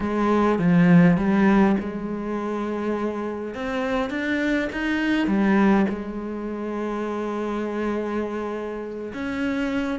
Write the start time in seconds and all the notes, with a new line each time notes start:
0.00 G#3
0.59 F3
1.17 G3
1.80 G#3
3.54 C4
4.10 D4
4.72 D#4
5.27 G3
5.89 G#3
9.13 C#4